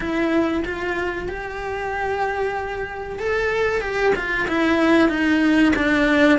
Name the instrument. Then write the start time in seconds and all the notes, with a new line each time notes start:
cello
0.00 E4
0.64 F4
1.28 G4
3.19 A4
3.81 G4
4.15 F4
4.47 E4
5.09 D#4
5.76 D4